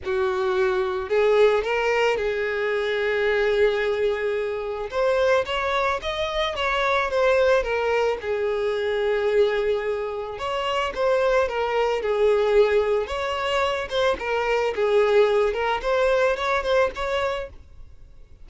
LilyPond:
\new Staff \with { instrumentName = "violin" } { \time 4/4 \tempo 4 = 110 fis'2 gis'4 ais'4 | gis'1~ | gis'4 c''4 cis''4 dis''4 | cis''4 c''4 ais'4 gis'4~ |
gis'2. cis''4 | c''4 ais'4 gis'2 | cis''4. c''8 ais'4 gis'4~ | gis'8 ais'8 c''4 cis''8 c''8 cis''4 | }